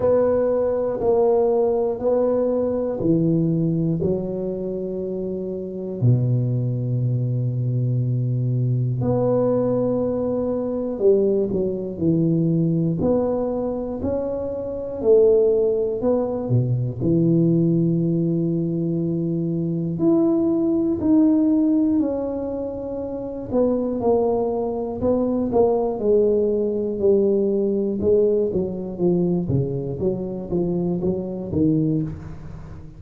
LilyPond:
\new Staff \with { instrumentName = "tuba" } { \time 4/4 \tempo 4 = 60 b4 ais4 b4 e4 | fis2 b,2~ | b,4 b2 g8 fis8 | e4 b4 cis'4 a4 |
b8 b,8 e2. | e'4 dis'4 cis'4. b8 | ais4 b8 ais8 gis4 g4 | gis8 fis8 f8 cis8 fis8 f8 fis8 dis8 | }